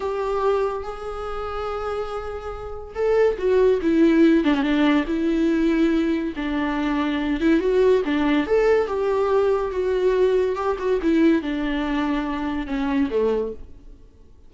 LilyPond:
\new Staff \with { instrumentName = "viola" } { \time 4/4 \tempo 4 = 142 g'2 gis'2~ | gis'2. a'4 | fis'4 e'4. d'16 cis'16 d'4 | e'2. d'4~ |
d'4. e'8 fis'4 d'4 | a'4 g'2 fis'4~ | fis'4 g'8 fis'8 e'4 d'4~ | d'2 cis'4 a4 | }